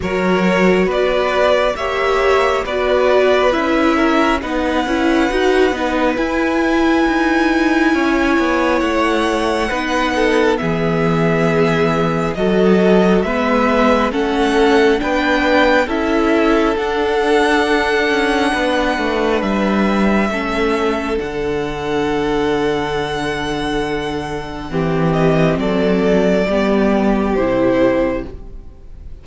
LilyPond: <<
  \new Staff \with { instrumentName = "violin" } { \time 4/4 \tempo 4 = 68 cis''4 d''4 e''4 d''4 | e''4 fis''2 gis''4~ | gis''2 fis''2 | e''2 dis''4 e''4 |
fis''4 g''4 e''4 fis''4~ | fis''2 e''2 | fis''1~ | fis''8 dis''8 d''2 c''4 | }
  \new Staff \with { instrumentName = "violin" } { \time 4/4 ais'4 b'4 cis''4 b'4~ | b'8 ais'8 b'2.~ | b'4 cis''2 b'8 a'8 | gis'2 a'4 b'4 |
a'4 b'4 a'2~ | a'4 b'2 a'4~ | a'1 | g'4 a'4 g'2 | }
  \new Staff \with { instrumentName = "viola" } { \time 4/4 fis'2 g'4 fis'4 | e'4 dis'8 e'8 fis'8 dis'8 e'4~ | e'2. dis'4 | b2 fis'4 b4 |
cis'4 d'4 e'4 d'4~ | d'2. cis'4 | d'1 | c'2 b4 e'4 | }
  \new Staff \with { instrumentName = "cello" } { \time 4/4 fis4 b4 ais4 b4 | cis'4 b8 cis'8 dis'8 b8 e'4 | dis'4 cis'8 b8 a4 b4 | e2 fis4 gis4 |
a4 b4 cis'4 d'4~ | d'8 cis'8 b8 a8 g4 a4 | d1 | e4 fis4 g4 c4 | }
>>